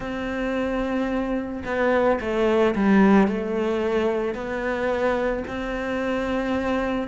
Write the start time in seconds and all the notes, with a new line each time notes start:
0.00 C4
1.65 B3
2.20 A3
2.75 G3
3.27 A3
4.34 B3
5.47 C4